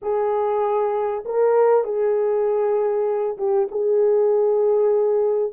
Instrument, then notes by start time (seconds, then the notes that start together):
horn
0.02 G#4
1.25 A#4
1.84 G#4
3.37 G4
3.71 G#4